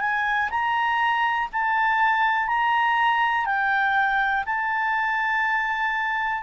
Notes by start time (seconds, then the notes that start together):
0.00 G#5
0.50 A#5
1.52 A5
2.47 A#5
3.45 G5
4.45 A5